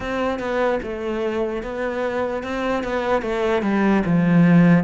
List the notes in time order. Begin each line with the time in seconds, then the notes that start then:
0.00 C4
0.39 B3
0.83 A3
1.62 B3
2.43 C4
2.83 B3
3.22 A3
3.62 G3
4.05 F3